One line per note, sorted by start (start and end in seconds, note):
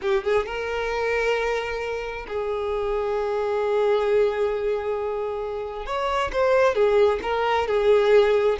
0.01 0.23 G4
0.23 0.46 G#4
0.46 2.26 A#4
2.27 5.85 G#4
5.85 6.31 C#5
6.32 6.74 C5
6.74 7.19 G#4
7.22 7.67 A#4
7.67 8.57 G#4